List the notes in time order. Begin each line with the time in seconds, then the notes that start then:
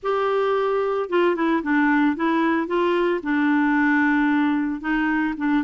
0.03 G4
1.09 F4
1.35 E4
1.62 D4
2.16 E4
2.67 F4
3.23 D4
4.80 D#4
5.37 D4